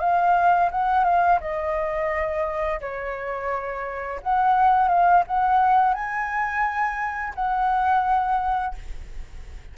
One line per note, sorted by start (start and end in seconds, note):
0.00 0.70 F5
0.71 1.04 F#5
1.04 1.39 F5
1.41 2.80 D#5
2.81 4.20 C#5
4.22 4.88 F#5
4.88 5.23 F5
5.27 5.94 F#5
5.94 7.34 G#5
7.35 8.75 F#5